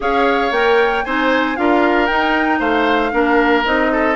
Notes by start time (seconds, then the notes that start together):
0.00 C#4 G#4 C#5 F5
0.51 A#3 A#4 G5
1.04 C4 D#4 C5 G#5
1.55 D4 F4 A#4 F5
2.06 D#4 G5
2.59 A3 C5 F5
3.11 A#3 D4 A#4
3.64 C4 D#4 D#5
3.92 A4